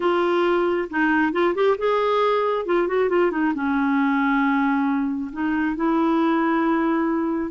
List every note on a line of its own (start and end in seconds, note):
0.00 0.88 F4
0.90 1.32 D#4
1.32 1.54 F4
1.54 1.76 G4
1.78 2.65 G#4
2.65 2.87 F4
2.87 3.09 F#4
3.09 3.31 F4
3.31 3.53 D#4
3.54 5.30 C#4
5.32 5.76 D#4
5.76 7.51 E4